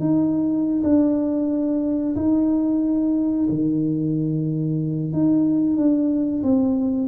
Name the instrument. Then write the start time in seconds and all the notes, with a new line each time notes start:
tuba
0.00 D#4
0.84 D4
2.16 D#4
3.49 D#3
5.12 D#4
5.77 D4
6.43 C4